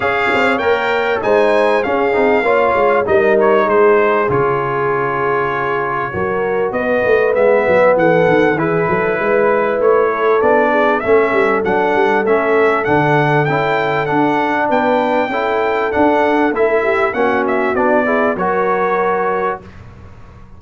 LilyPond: <<
  \new Staff \with { instrumentName = "trumpet" } { \time 4/4 \tempo 4 = 98 f''4 g''4 gis''4 f''4~ | f''4 dis''8 cis''8 c''4 cis''4~ | cis''2. dis''4 | e''4 fis''4 b'2 |
cis''4 d''4 e''4 fis''4 | e''4 fis''4 g''4 fis''4 | g''2 fis''4 e''4 | fis''8 e''8 d''4 cis''2 | }
  \new Staff \with { instrumentName = "horn" } { \time 4/4 cis''2 c''4 gis'4 | cis''4 ais'4 gis'2~ | gis'2 ais'4 b'4~ | b'4 a'4 gis'8 a'8 b'4~ |
b'8 a'4 gis'8 a'2~ | a'1 | b'4 a'2~ a'8 g'8 | fis'4. gis'8 ais'2 | }
  \new Staff \with { instrumentName = "trombone" } { \time 4/4 gis'4 ais'4 dis'4 cis'8 dis'8 | f'4 dis'2 f'4~ | f'2 fis'2 | b2 e'2~ |
e'4 d'4 cis'4 d'4 | cis'4 d'4 e'4 d'4~ | d'4 e'4 d'4 e'4 | cis'4 d'8 e'8 fis'2 | }
  \new Staff \with { instrumentName = "tuba" } { \time 4/4 cis'8 c'8 ais4 gis4 cis'8 c'8 | ais8 gis8 g4 gis4 cis4~ | cis2 fis4 b8 a8 | gis8 fis8 e8 dis8 e8 fis8 gis4 |
a4 b4 a8 g8 fis8 g8 | a4 d4 cis'4 d'4 | b4 cis'4 d'4 a4 | ais4 b4 fis2 | }
>>